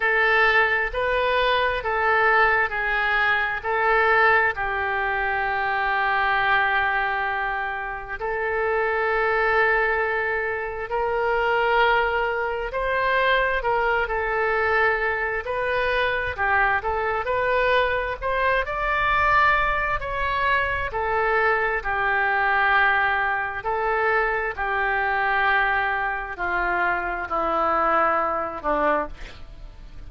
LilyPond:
\new Staff \with { instrumentName = "oboe" } { \time 4/4 \tempo 4 = 66 a'4 b'4 a'4 gis'4 | a'4 g'2.~ | g'4 a'2. | ais'2 c''4 ais'8 a'8~ |
a'4 b'4 g'8 a'8 b'4 | c''8 d''4. cis''4 a'4 | g'2 a'4 g'4~ | g'4 f'4 e'4. d'8 | }